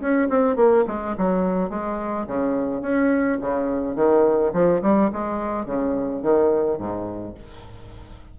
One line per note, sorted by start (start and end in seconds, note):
0.00 0.28 C#4
0.29 0.56 C4
0.56 0.84 A#3
0.87 1.16 G#3
1.18 1.70 F#3
1.70 2.26 G#3
2.27 2.81 C#3
2.81 3.38 C#4
3.41 3.96 C#3
3.96 4.52 D#3
4.53 4.81 F3
4.82 5.10 G3
5.12 5.66 G#3
5.66 6.22 C#3
6.22 6.78 D#3
6.78 7.34 G#2